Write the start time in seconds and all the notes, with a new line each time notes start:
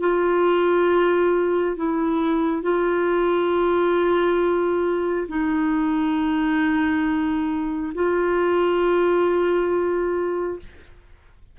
0.00 F4
1.76 E4
2.62 F4
5.28 D#4
7.95 F4